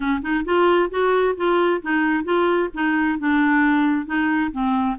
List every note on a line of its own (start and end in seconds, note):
0.00 0.21 C#4
0.22 0.44 D#4
0.44 0.89 F4
0.90 1.35 F#4
1.36 1.81 F4
1.81 2.24 D#4
2.24 2.69 F4
2.73 3.18 D#4
3.18 4.06 D4
4.06 4.51 D#4
4.51 4.96 C4